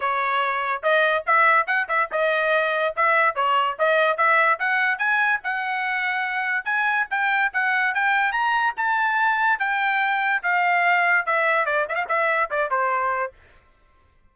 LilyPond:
\new Staff \with { instrumentName = "trumpet" } { \time 4/4 \tempo 4 = 144 cis''2 dis''4 e''4 | fis''8 e''8 dis''2 e''4 | cis''4 dis''4 e''4 fis''4 | gis''4 fis''2. |
gis''4 g''4 fis''4 g''4 | ais''4 a''2 g''4~ | g''4 f''2 e''4 | d''8 e''16 f''16 e''4 d''8 c''4. | }